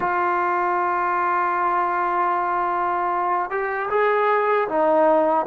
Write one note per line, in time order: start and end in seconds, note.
0.00 3.50 F4
3.50 3.89 G4
3.90 4.68 G#4
4.68 5.46 D#4